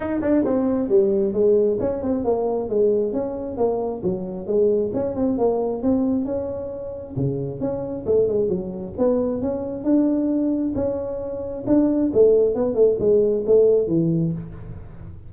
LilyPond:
\new Staff \with { instrumentName = "tuba" } { \time 4/4 \tempo 4 = 134 dis'8 d'8 c'4 g4 gis4 | cis'8 c'8 ais4 gis4 cis'4 | ais4 fis4 gis4 cis'8 c'8 | ais4 c'4 cis'2 |
cis4 cis'4 a8 gis8 fis4 | b4 cis'4 d'2 | cis'2 d'4 a4 | b8 a8 gis4 a4 e4 | }